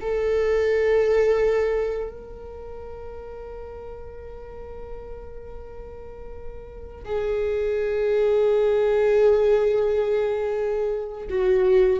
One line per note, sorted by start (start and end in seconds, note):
0.00 2.09 A4
2.09 7.03 A#4
7.05 11.28 G#4
11.29 11.99 F#4